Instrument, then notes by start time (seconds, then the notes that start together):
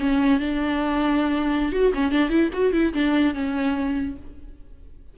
viola
0.00 C#4
0.40 D4
1.73 F#4
1.94 C#4
2.12 D4
2.30 E4
2.53 F#4
2.73 E4
2.94 D4
3.35 C#4